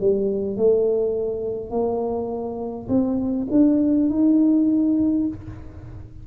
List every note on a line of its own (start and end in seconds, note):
0.00 0.56 G3
0.56 1.70 A3
1.70 2.88 A#3
2.88 3.47 C4
3.50 4.09 D4
4.09 5.27 D#4